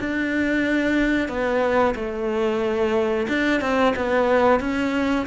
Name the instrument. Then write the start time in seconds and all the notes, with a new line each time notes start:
cello
0.00 D4
1.29 B3
1.95 A3
3.29 D4
3.61 C4
3.96 B3
4.60 C#4